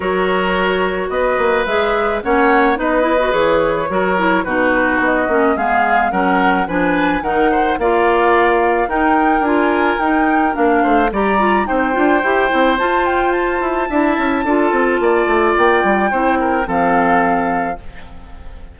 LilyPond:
<<
  \new Staff \with { instrumentName = "flute" } { \time 4/4 \tempo 4 = 108 cis''2 dis''4 e''4 | fis''4 dis''4 cis''2 | b'4 dis''4 f''4 fis''4 | gis''4 fis''4 f''2 |
g''4 gis''4 g''4 f''4 | ais''4 g''2 a''8 g''8 | a''1 | g''2 f''2 | }
  \new Staff \with { instrumentName = "oboe" } { \time 4/4 ais'2 b'2 | cis''4 b'2 ais'4 | fis'2 gis'4 ais'4 | b'4 ais'8 c''8 d''2 |
ais'2.~ ais'8 c''8 | d''4 c''2.~ | c''4 e''4 a'4 d''4~ | d''4 c''8 ais'8 a'2 | }
  \new Staff \with { instrumentName = "clarinet" } { \time 4/4 fis'2. gis'4 | cis'4 dis'8 e'16 fis'16 gis'4 fis'8 e'8 | dis'4. cis'8 b4 cis'4 | d'4 dis'4 f'2 |
dis'4 f'4 dis'4 d'4 | g'8 f'8 dis'8 f'8 g'8 e'8 f'4~ | f'4 e'4 f'2~ | f'4 e'4 c'2 | }
  \new Staff \with { instrumentName = "bassoon" } { \time 4/4 fis2 b8 ais8 gis4 | ais4 b4 e4 fis4 | b,4 b8 ais8 gis4 fis4 | f4 dis4 ais2 |
dis'4 d'4 dis'4 ais8 a8 | g4 c'8 d'8 e'8 c'8 f'4~ | f'8 e'8 d'8 cis'8 d'8 c'8 ais8 a8 | ais8 g8 c'4 f2 | }
>>